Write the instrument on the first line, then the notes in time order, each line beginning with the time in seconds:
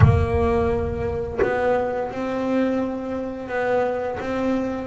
double bass
0.00 A#3
1.41 B3
2.11 C4
3.48 B3
4.20 C4